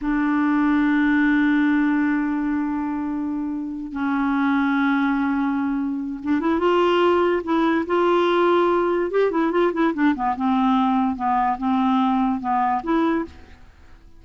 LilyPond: \new Staff \with { instrumentName = "clarinet" } { \time 4/4 \tempo 4 = 145 d'1~ | d'1~ | d'4. cis'2~ cis'8~ | cis'2. d'8 e'8 |
f'2 e'4 f'4~ | f'2 g'8 e'8 f'8 e'8 | d'8 b8 c'2 b4 | c'2 b4 e'4 | }